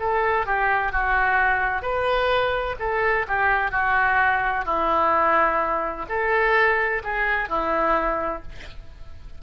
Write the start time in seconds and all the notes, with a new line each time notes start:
0.00 A4
0.46 G4
0.92 F#4
1.82 B4
2.80 A4
3.28 G4
3.72 F#4
4.66 E4
6.09 A4
7.04 G#4
7.49 E4